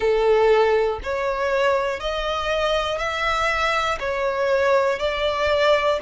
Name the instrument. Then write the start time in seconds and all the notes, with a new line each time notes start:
violin
0.00 A4
1.03 C#5
2.00 D#5
2.98 E5
4.00 C#5
4.99 D5